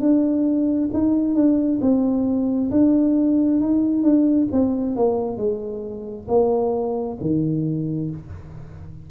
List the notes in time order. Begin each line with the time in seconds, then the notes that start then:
0.00 D4
0.93 D#4
1.35 D4
1.81 C4
2.71 D4
3.60 D#4
4.03 D4
4.52 C4
4.96 A#3
5.37 G#3
6.28 A#3
7.21 D#3